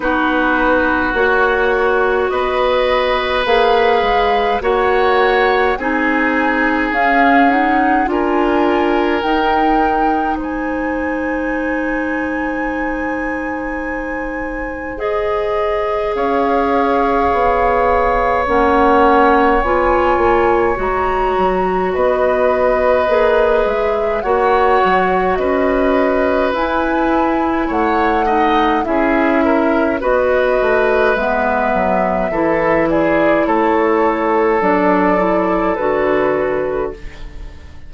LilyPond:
<<
  \new Staff \with { instrumentName = "flute" } { \time 4/4 \tempo 4 = 52 b'4 cis''4 dis''4 f''4 | fis''4 gis''4 f''8 fis''8 gis''4 | g''4 gis''2.~ | gis''4 dis''4 f''2 |
fis''4 gis''4 ais''4 dis''4~ | dis''8 e''8 fis''4 dis''4 gis''4 | fis''4 e''4 dis''4 e''4~ | e''8 d''8 cis''4 d''4 b'4 | }
  \new Staff \with { instrumentName = "oboe" } { \time 4/4 fis'2 b'2 | cis''4 gis'2 ais'4~ | ais'4 c''2.~ | c''2 cis''2~ |
cis''2. b'4~ | b'4 cis''4 b'2 | cis''8 dis''8 gis'8 ais'8 b'2 | a'8 gis'8 a'2. | }
  \new Staff \with { instrumentName = "clarinet" } { \time 4/4 dis'4 fis'2 gis'4 | fis'4 dis'4 cis'8 dis'8 f'4 | dis'1~ | dis'4 gis'2. |
cis'4 f'4 fis'2 | gis'4 fis'2 e'4~ | e'8 dis'8 e'4 fis'4 b4 | e'2 d'8 e'8 fis'4 | }
  \new Staff \with { instrumentName = "bassoon" } { \time 4/4 b4 ais4 b4 ais8 gis8 | ais4 c'4 cis'4 d'4 | dis'4 gis2.~ | gis2 cis'4 b4 |
ais4 b8 ais8 gis8 fis8 b4 | ais8 gis8 ais8 fis8 cis'4 e'4 | a4 cis'4 b8 a8 gis8 fis8 | e4 a4 fis4 d4 | }
>>